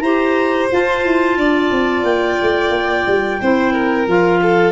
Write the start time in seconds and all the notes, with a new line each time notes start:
0.00 E4 G4 C5 A#5
0.71 F4 A5
1.05 E4
1.37 D4 D5
1.71 C4
2.03 A#3 G5
2.42 A3
2.70 A#3
3.06 G3
3.41 C4 E4 C5
3.72 A#4
4.07 F3 F4 F5
4.42 A4